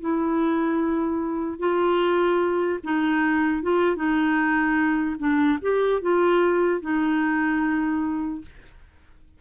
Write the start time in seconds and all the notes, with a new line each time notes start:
0.00 E4
1.59 F4
2.83 D#4
3.62 F4
3.96 D#4
5.19 D4
5.61 G4
6.01 F4
6.81 D#4